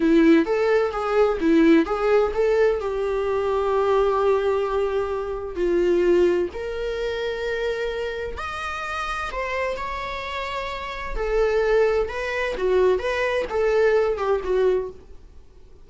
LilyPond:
\new Staff \with { instrumentName = "viola" } { \time 4/4 \tempo 4 = 129 e'4 a'4 gis'4 e'4 | gis'4 a'4 g'2~ | g'1 | f'2 ais'2~ |
ais'2 dis''2 | c''4 cis''2. | a'2 b'4 fis'4 | b'4 a'4. g'8 fis'4 | }